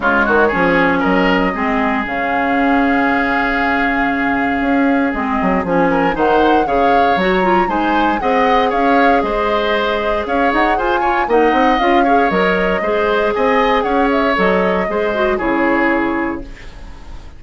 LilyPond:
<<
  \new Staff \with { instrumentName = "flute" } { \time 4/4 \tempo 4 = 117 cis''2 dis''2 | f''1~ | f''2 dis''4 gis''4 | fis''4 f''4 ais''4 gis''4 |
fis''4 f''4 dis''2 | f''8 fis''8 gis''4 fis''4 f''4 | dis''2 gis''4 fis''8 e''8 | dis''2 cis''2 | }
  \new Staff \with { instrumentName = "oboe" } { \time 4/4 f'8 fis'8 gis'4 ais'4 gis'4~ | gis'1~ | gis'2.~ gis'8 ais'8 | c''4 cis''2 c''4 |
dis''4 cis''4 c''2 | cis''4 c''8 cis''8 dis''4. cis''8~ | cis''4 c''4 dis''4 cis''4~ | cis''4 c''4 gis'2 | }
  \new Staff \with { instrumentName = "clarinet" } { \time 4/4 gis4 cis'2 c'4 | cis'1~ | cis'2 c'4 cis'4 | dis'4 gis'4 fis'8 f'8 dis'4 |
gis'1~ | gis'4. f'8 dis'4 f'8 gis'8 | ais'4 gis'2. | a'4 gis'8 fis'8 e'2 | }
  \new Staff \with { instrumentName = "bassoon" } { \time 4/4 cis8 dis8 f4 fis4 gis4 | cis1~ | cis4 cis'4 gis8 fis8 f4 | dis4 cis4 fis4 gis4 |
c'4 cis'4 gis2 | cis'8 dis'8 f'4 ais8 c'8 cis'4 | fis4 gis4 c'4 cis'4 | fis4 gis4 cis2 | }
>>